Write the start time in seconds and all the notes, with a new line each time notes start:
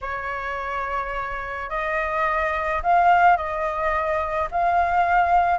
0.01 C#5
1.69 D#5
2.82 F5
3.36 D#5
4.51 F5